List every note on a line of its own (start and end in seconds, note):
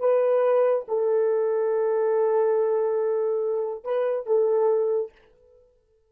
0.00 0.85 B4
0.88 3.84 A4
3.84 4.27 B4
4.27 5.12 A4